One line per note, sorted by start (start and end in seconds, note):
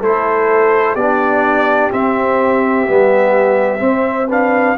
0.00 0.96 A3
0.00 0.98 E4
0.00 0.95 A4
0.00 0.96 C5
0.95 1.91 B3
0.95 1.92 D4
0.95 3.81 G4
0.95 1.91 D5
1.92 2.87 C4
1.92 2.88 C4
1.92 4.31 E5
2.87 3.81 G3
2.87 3.80 B3
3.80 4.27 C4
3.80 4.76 C4
3.80 4.28 C5
4.28 4.77 D4
4.28 4.76 B4
4.28 4.78 F5